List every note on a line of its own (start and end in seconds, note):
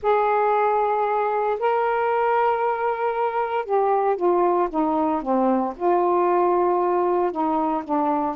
0.02 1.59 G#4
1.59 3.65 A#4
3.65 4.16 G4
4.16 4.68 F4
4.69 5.22 D#4
5.22 5.74 C4
5.76 7.31 F4
7.31 7.83 D#4
7.84 8.35 D4